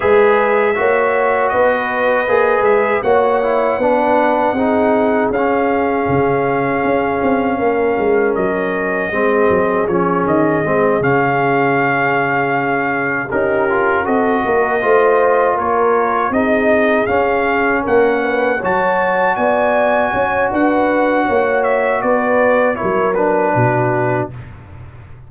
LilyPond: <<
  \new Staff \with { instrumentName = "trumpet" } { \time 4/4 \tempo 4 = 79 e''2 dis''4. e''8 | fis''2. f''4~ | f''2. dis''4~ | dis''4 cis''8 dis''4 f''4.~ |
f''4. ais'4 dis''4.~ | dis''8 cis''4 dis''4 f''4 fis''8~ | fis''8 a''4 gis''4. fis''4~ | fis''8 e''8 d''4 cis''8 b'4. | }
  \new Staff \with { instrumentName = "horn" } { \time 4/4 b'4 cis''4 b'2 | cis''4 b'4 gis'2~ | gis'2 ais'2 | gis'1~ |
gis'4. g'4 a'8 ais'8 c''8~ | c''8 ais'4 gis'2 ais'8 | b'8 cis''4 d''4 cis''8 b'4 | cis''4 b'4 ais'4 fis'4 | }
  \new Staff \with { instrumentName = "trombone" } { \time 4/4 gis'4 fis'2 gis'4 | fis'8 e'8 d'4 dis'4 cis'4~ | cis'1 | c'4 cis'4 c'8 cis'4.~ |
cis'4. dis'8 f'8 fis'4 f'8~ | f'4. dis'4 cis'4.~ | cis'8 fis'2.~ fis'8~ | fis'2 e'8 d'4. | }
  \new Staff \with { instrumentName = "tuba" } { \time 4/4 gis4 ais4 b4 ais8 gis8 | ais4 b4 c'4 cis'4 | cis4 cis'8 c'8 ais8 gis8 fis4 | gis8 fis8 f8 dis8 gis8 cis4.~ |
cis4. cis'4 c'8 ais8 a8~ | a8 ais4 c'4 cis'4 ais8~ | ais8 fis4 b4 cis'8 d'4 | ais4 b4 fis4 b,4 | }
>>